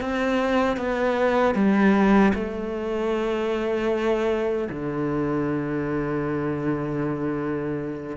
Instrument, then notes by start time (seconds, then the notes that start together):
cello
0.00 C4
0.77 B3
1.54 G3
2.34 A3
4.69 D3